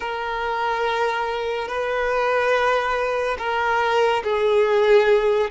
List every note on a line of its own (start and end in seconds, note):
0.00 1.67 A#4
1.67 3.36 B4
3.38 4.23 A#4
4.23 5.50 G#4